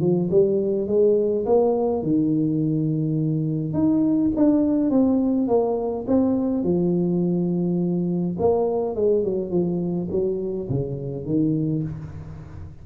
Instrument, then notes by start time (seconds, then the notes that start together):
tuba
0.00 F3
0.30 G3
0.87 G#3
1.46 A#3
2.02 D#3
3.73 D#4
4.36 D4
4.90 C4
5.47 A#3
6.07 C4
6.63 F3
8.39 A#3
8.95 G#3
9.24 F#3
9.50 F3
10.10 F#3
10.69 C#3
11.25 D#3